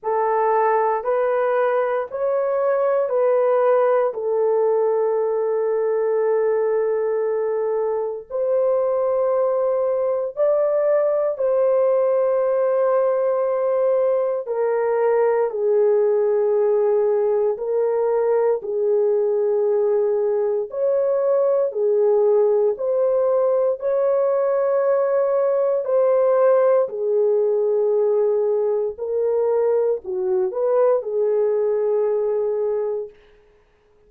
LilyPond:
\new Staff \with { instrumentName = "horn" } { \time 4/4 \tempo 4 = 58 a'4 b'4 cis''4 b'4 | a'1 | c''2 d''4 c''4~ | c''2 ais'4 gis'4~ |
gis'4 ais'4 gis'2 | cis''4 gis'4 c''4 cis''4~ | cis''4 c''4 gis'2 | ais'4 fis'8 b'8 gis'2 | }